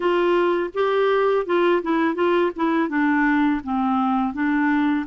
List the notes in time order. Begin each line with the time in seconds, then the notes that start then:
0.00 F4
0.74 G4
1.46 F4
1.82 E4
2.15 F4
2.56 E4
2.88 D4
3.63 C4
4.33 D4